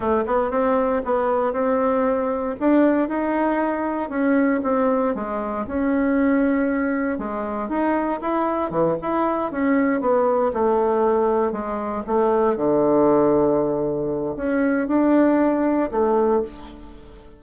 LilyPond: \new Staff \with { instrumentName = "bassoon" } { \time 4/4 \tempo 4 = 117 a8 b8 c'4 b4 c'4~ | c'4 d'4 dis'2 | cis'4 c'4 gis4 cis'4~ | cis'2 gis4 dis'4 |
e'4 e8 e'4 cis'4 b8~ | b8 a2 gis4 a8~ | a8 d2.~ d8 | cis'4 d'2 a4 | }